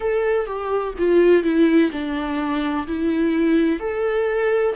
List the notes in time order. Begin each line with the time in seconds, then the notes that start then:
0.00 A4
0.46 G4
0.98 F4
1.43 E4
1.91 D4
2.87 E4
3.79 A4